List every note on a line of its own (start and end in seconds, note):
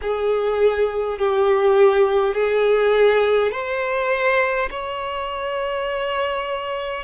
0.01 1.18 G#4
1.18 2.34 G4
2.34 3.51 G#4
3.51 4.69 C5
4.70 7.03 C#5